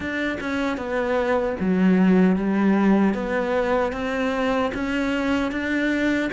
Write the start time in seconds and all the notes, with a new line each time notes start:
0.00 D4
0.40 C#4
0.77 B3
1.60 F#3
2.35 G3
3.14 B3
3.92 C4
4.74 C#4
5.51 D4